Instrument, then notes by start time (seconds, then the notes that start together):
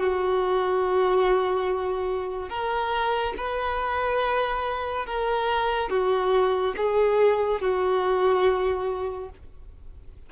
violin
0.00 F#4
2.50 A#4
3.37 B4
5.06 A#4
5.90 F#4
6.77 G#4
7.61 F#4